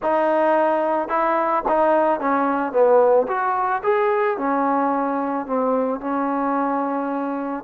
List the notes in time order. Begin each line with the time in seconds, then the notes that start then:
0.02 D#4
1.08 E4
1.68 D#4
2.19 C#4
2.72 B3
3.27 F#4
3.83 G#4
4.37 C#4
5.46 C4
6.00 C#4